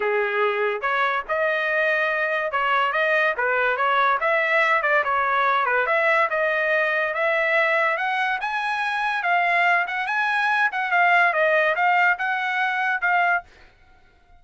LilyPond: \new Staff \with { instrumentName = "trumpet" } { \time 4/4 \tempo 4 = 143 gis'2 cis''4 dis''4~ | dis''2 cis''4 dis''4 | b'4 cis''4 e''4. d''8 | cis''4. b'8 e''4 dis''4~ |
dis''4 e''2 fis''4 | gis''2 f''4. fis''8 | gis''4. fis''8 f''4 dis''4 | f''4 fis''2 f''4 | }